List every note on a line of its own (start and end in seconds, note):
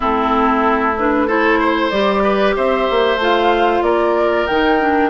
0.00 1.91 A3
0.00 0.93 C4
0.00 1.27 E4
0.00 0.97 A4
0.97 1.28 D4
0.97 1.28 B4
1.27 1.92 E4
1.27 1.59 A4
1.27 1.89 C5
1.59 2.22 C5
1.89 2.55 G3
1.89 3.19 G4
1.89 2.53 D5
2.23 2.55 B4
2.56 2.88 C4
2.56 3.83 C5
2.56 3.20 E5
2.90 3.16 A#3
3.16 3.80 A3
3.16 4.48 F4
3.22 3.83 F5
3.82 4.45 A#3
3.82 5.10 A#4
3.82 4.46 D5
4.47 5.10 D#3
4.47 4.79 D#4
4.47 5.10 G5
4.79 5.10 D4